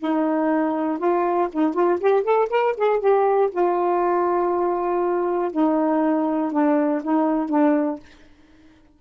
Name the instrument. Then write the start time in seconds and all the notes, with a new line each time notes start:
saxophone
0.00 D#4
0.99 F4
1.53 D#4
1.74 F4
2.01 G4
2.24 A4
2.50 A#4
2.78 G#4
3.00 G4
3.52 F4
5.52 D#4
6.52 D4
7.04 D#4
7.49 D4